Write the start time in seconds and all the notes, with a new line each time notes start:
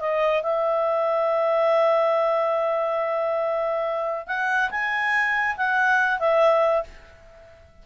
0.00 D#5
0.43 E5
4.27 F#5
4.71 G#5
5.57 F#5
6.19 E5